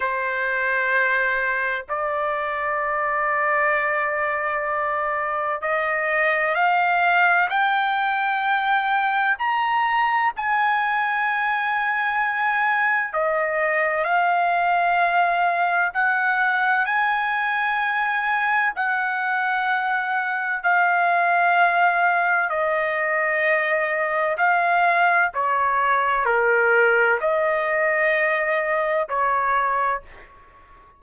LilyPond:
\new Staff \with { instrumentName = "trumpet" } { \time 4/4 \tempo 4 = 64 c''2 d''2~ | d''2 dis''4 f''4 | g''2 ais''4 gis''4~ | gis''2 dis''4 f''4~ |
f''4 fis''4 gis''2 | fis''2 f''2 | dis''2 f''4 cis''4 | ais'4 dis''2 cis''4 | }